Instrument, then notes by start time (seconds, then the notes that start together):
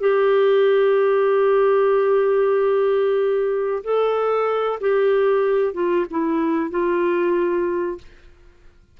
clarinet
0.00 G4
3.83 A4
4.80 G4
5.73 F4
6.10 E4
6.70 F4